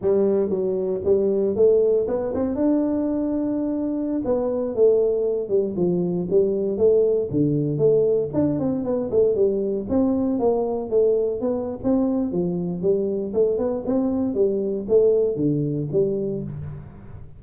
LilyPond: \new Staff \with { instrumentName = "tuba" } { \time 4/4 \tempo 4 = 117 g4 fis4 g4 a4 | b8 c'8 d'2.~ | d'16 b4 a4. g8 f8.~ | f16 g4 a4 d4 a8.~ |
a16 d'8 c'8 b8 a8 g4 c'8.~ | c'16 ais4 a4 b8. c'4 | f4 g4 a8 b8 c'4 | g4 a4 d4 g4 | }